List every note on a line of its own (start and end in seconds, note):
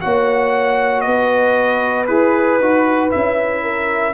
0.00 1.06 A#3
0.00 2.07 F#4
0.00 1.05 C#5
0.00 1.01 F#5
1.01 2.08 B3
1.01 3.63 B4
1.01 2.04 D#5
2.06 2.59 E4
2.06 2.59 G#4
2.06 3.10 B4
2.59 3.11 D#4
2.59 3.10 F#4
3.10 4.13 C#4
3.10 4.13 E4
3.10 4.13 E5
3.63 4.13 A#4